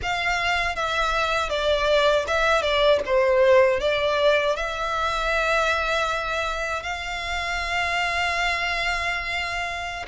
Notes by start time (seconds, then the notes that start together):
0.02 F5
0.75 E5
1.49 D5
2.27 E5
2.62 D5
3.05 C5
3.80 D5
4.56 E5
6.82 F5